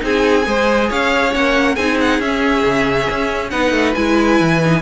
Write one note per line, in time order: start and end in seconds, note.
0.00 0.46 C4
0.00 0.44 D#4
0.00 0.48 G#4
0.00 0.92 G#5
0.45 0.90 G#3
0.45 1.31 G#4
0.45 0.89 C5
0.89 1.35 C#4
0.89 1.75 C#5
0.89 1.34 F5
1.31 1.77 A#3
1.31 1.75 C#4
1.31 1.76 F#5
1.75 2.20 C4
1.75 2.22 D#4
1.75 3.50 G#4
1.75 1.98 G#5
2.00 2.21 F#5
2.20 2.63 C#4
2.20 3.52 C#4
2.20 3.50 E5
2.65 3.08 C#3
3.10 3.52 C#4
3.50 3.72 B3
3.50 3.95 D#4
3.50 4.82 B4
3.50 3.94 F#5
3.72 3.94 A3
3.95 4.40 G#3
3.95 4.61 E4
3.95 4.82 G#5
4.41 4.82 E3
4.65 4.82 D#4